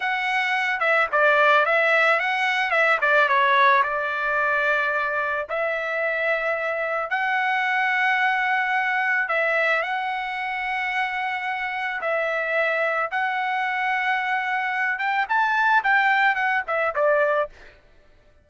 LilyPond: \new Staff \with { instrumentName = "trumpet" } { \time 4/4 \tempo 4 = 110 fis''4. e''8 d''4 e''4 | fis''4 e''8 d''8 cis''4 d''4~ | d''2 e''2~ | e''4 fis''2.~ |
fis''4 e''4 fis''2~ | fis''2 e''2 | fis''2.~ fis''8 g''8 | a''4 g''4 fis''8 e''8 d''4 | }